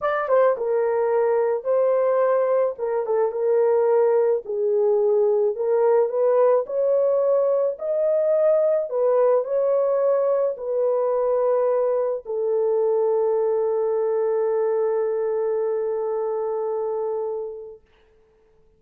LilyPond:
\new Staff \with { instrumentName = "horn" } { \time 4/4 \tempo 4 = 108 d''8 c''8 ais'2 c''4~ | c''4 ais'8 a'8 ais'2 | gis'2 ais'4 b'4 | cis''2 dis''2 |
b'4 cis''2 b'4~ | b'2 a'2~ | a'1~ | a'1 | }